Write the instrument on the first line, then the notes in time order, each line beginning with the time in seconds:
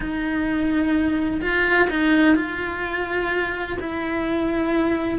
cello
0.00 D#4
1.41 F4
1.90 D#4
2.36 F4
3.80 E4